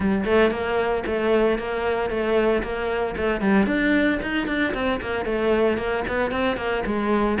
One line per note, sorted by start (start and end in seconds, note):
0.00 0.24 G3
0.24 0.50 A3
0.50 1.03 A#3
1.06 1.58 A3
1.58 2.10 A#3
2.10 2.62 A3
2.62 3.15 A#3
3.17 3.40 A3
3.40 3.66 G3
3.66 4.19 D4
4.22 4.47 D#4
4.47 4.73 D4
4.74 5.00 C4
5.01 5.25 A#3
5.25 5.77 A3
5.77 6.04 A#3
6.08 6.31 B3
6.31 6.56 C4
6.56 6.83 A#3
6.85 7.38 G#3